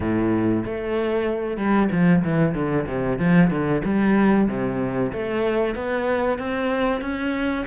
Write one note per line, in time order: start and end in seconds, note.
0.00 0.64 A2
0.65 1.57 A3
1.57 1.89 G3
1.91 2.23 F3
2.23 2.54 E3
2.54 2.86 D3
2.87 3.18 C3
3.18 3.50 F3
3.50 3.82 D3
3.84 4.48 G3
4.48 5.12 C3
5.12 5.74 A3
5.74 6.38 B3
6.38 7.01 C4
7.01 7.65 C#4